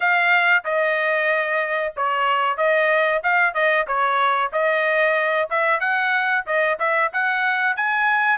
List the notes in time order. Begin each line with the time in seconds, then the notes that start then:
0.00 F5
0.64 D#5
1.96 C#5
2.57 D#5
3.23 F5
3.54 D#5
3.87 C#5
4.52 D#5
5.50 E5
5.79 F#5
6.46 D#5
6.79 E5
7.13 F#5
7.76 G#5